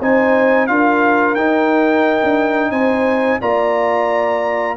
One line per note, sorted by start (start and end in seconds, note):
0.00 0.69 C4
0.00 0.69 D#4
0.00 0.68 C5
0.00 0.67 G#5
0.67 1.36 D4
0.67 1.37 F4
0.67 2.72 A#4
0.67 1.35 F5
1.35 2.21 D#4
1.35 3.42 D#4
1.35 2.72 G5
2.23 2.71 D4
2.71 3.39 C4
2.71 3.40 C5
2.71 3.40 G#5
3.41 4.77 A#3
3.41 4.77 F4
3.41 4.77 D5
3.41 4.77 A#5